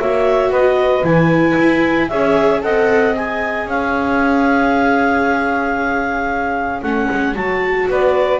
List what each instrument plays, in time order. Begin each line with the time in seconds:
0.00 double bass A#3, viola F#4, saxophone C#5, clarinet E5
0.50 double bass B3, saxophone B4, clarinet D#5
1.04 double bass E3, viola E4, clarinet G#5
1.59 double bass E4
2.09 double bass C#4, viola G#4, saxophone C#5, clarinet E5
2.63 double bass C4, viola A4, saxophone D#5, clarinet F#5
3.16 viola G#4, clarinet G#5
3.66 double bass C#4, saxophone C#5, clarinet F5
6.82 double bass A3, viola C#4, clarinet F#5
7.11 double bass G#3
7.36 double bass F#3, viola F#4, clarinet A5
7.89 double bass B3, saxophone B4, clarinet D5